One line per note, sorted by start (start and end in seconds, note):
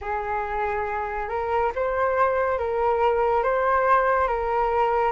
0.01 1.29 G#4
1.29 1.71 A#4
1.75 2.58 C5
2.58 3.43 A#4
3.43 4.27 C5
4.27 5.11 A#4